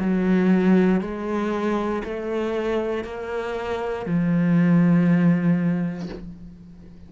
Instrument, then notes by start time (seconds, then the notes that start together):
cello
0.00 F#3
1.02 G#3
2.04 A3
3.05 A#3
4.06 F3